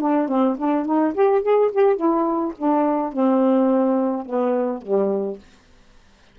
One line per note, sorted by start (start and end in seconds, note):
0.00 0.28 D4
0.28 0.57 C4
0.58 0.86 D4
0.86 1.14 D#4
1.14 1.43 G4
1.43 1.71 G#4
1.72 1.96 G4
1.96 2.53 E4
2.58 3.13 D4
3.13 4.26 C4
4.26 4.82 B3
4.82 5.39 G3